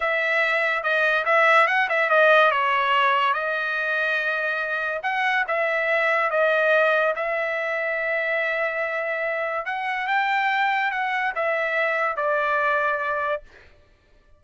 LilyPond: \new Staff \with { instrumentName = "trumpet" } { \time 4/4 \tempo 4 = 143 e''2 dis''4 e''4 | fis''8 e''8 dis''4 cis''2 | dis''1 | fis''4 e''2 dis''4~ |
dis''4 e''2.~ | e''2. fis''4 | g''2 fis''4 e''4~ | e''4 d''2. | }